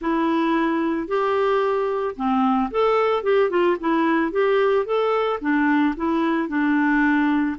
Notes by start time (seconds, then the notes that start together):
0.01 E4
1.07 G4
2.15 C4
2.70 A4
3.23 G4
3.49 F4
3.80 E4
4.31 G4
4.85 A4
5.41 D4
5.96 E4
6.48 D4